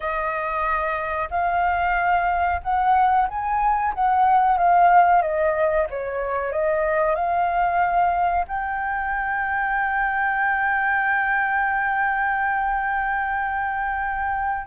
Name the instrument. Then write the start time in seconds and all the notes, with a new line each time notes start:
flute
0.00 D#5
1.30 F5
2.62 F#5
3.28 G#5
3.94 F#5
4.57 F5
5.21 D#5
5.89 C#5
6.52 D#5
7.15 F5
8.47 G5